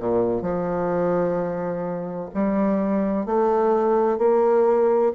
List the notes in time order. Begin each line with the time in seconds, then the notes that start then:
0.00 A#2
0.43 F3
2.35 G3
3.26 A3
4.19 A#3